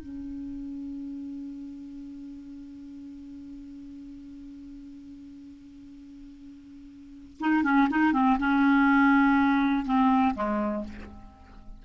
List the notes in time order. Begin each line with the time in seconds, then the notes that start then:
0.00 C#4
7.40 D#4
7.64 C#4
7.90 D#4
8.13 C4
8.39 C#4
9.86 C4
10.35 G#3